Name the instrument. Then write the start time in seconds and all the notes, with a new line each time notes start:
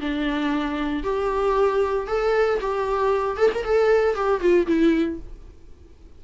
viola
0.00 D4
1.03 G4
2.07 A4
2.60 G4
3.37 A4
3.54 A#4
3.64 A4
4.15 G4
4.40 F4
4.66 E4